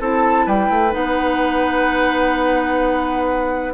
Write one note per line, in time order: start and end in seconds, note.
0.00 0.46 C4
0.00 0.91 E4
0.00 0.46 A4
0.00 0.48 A5
0.46 0.69 G3
0.46 3.74 B4
0.46 0.93 G5
0.69 0.93 A3
0.91 3.74 B3
0.91 3.72 D#4
0.91 3.74 F#5